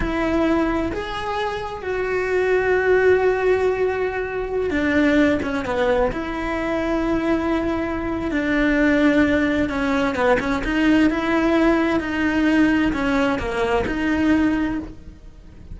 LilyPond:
\new Staff \with { instrumentName = "cello" } { \time 4/4 \tempo 4 = 130 e'2 gis'2 | fis'1~ | fis'2~ fis'16 d'4. cis'16~ | cis'16 b4 e'2~ e'8.~ |
e'2 d'2~ | d'4 cis'4 b8 cis'8 dis'4 | e'2 dis'2 | cis'4 ais4 dis'2 | }